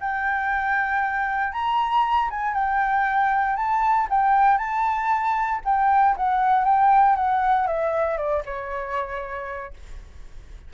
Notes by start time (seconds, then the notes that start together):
0.00 G5
1.52 A#5
2.30 G#5
2.54 G5
3.56 A5
4.10 G5
4.58 A5
5.65 G5
6.16 F#5
6.65 G5
7.16 F#5
7.67 E5
8.17 D5
8.45 C#5